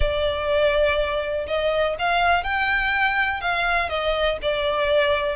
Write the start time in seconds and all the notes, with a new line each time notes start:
0.00 D5
1.47 D#5
1.98 F5
2.43 G5
3.40 F5
3.89 D#5
4.41 D5